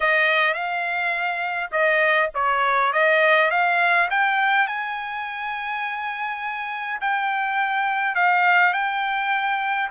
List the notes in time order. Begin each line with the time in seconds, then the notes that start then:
0.00 D#5
0.53 F5
1.71 D#5
2.34 C#5
2.93 D#5
3.50 F5
4.10 G5
4.67 G#5
7.00 G5
8.15 F5
8.73 G5